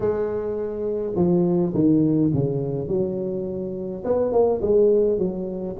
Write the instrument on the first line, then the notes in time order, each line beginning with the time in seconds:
tuba
0.00 G#3
1.15 F3
1.74 D#3
2.33 C#3
2.88 F#3
4.04 B3
4.32 A#3
4.61 G#3
5.18 F#3